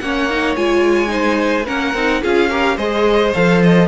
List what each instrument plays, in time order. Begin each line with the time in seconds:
0.00 cello A#3, viola C#4, violin C#5 F#5
0.30 viola D#4
0.56 cello G#3, viola F4, violin G#5
1.07 viola D#4, violin C5
1.65 cello A#3, viola C#4, violin A#4 F#5
1.94 cello C4, viola D#4
2.22 cello C#4, viola F4, violin G#4 F5
2.50 viola G4, violin A#4
2.76 cello G#3, viola G#4, violin C5 D#5
3.34 cello F3, viola A4, violin F5
3.62 violin D#5